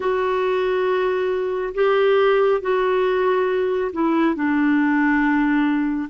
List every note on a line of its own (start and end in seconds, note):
0.00 1.74 F#4
1.74 2.61 G4
2.61 3.91 F#4
3.92 4.35 E4
4.35 6.09 D4